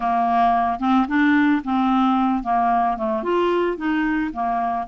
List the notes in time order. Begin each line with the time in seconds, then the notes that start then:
0.00 A#3
0.79 C4
1.07 D4
1.64 C4
2.43 A#3
2.97 A3
3.23 F4
3.77 D#4
4.33 A#3